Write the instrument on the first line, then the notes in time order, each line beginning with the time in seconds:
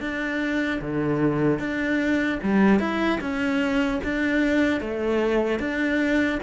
cello
0.00 D4
0.81 D3
1.59 D4
2.43 G3
2.80 E4
3.21 C#4
4.04 D4
4.81 A3
5.60 D4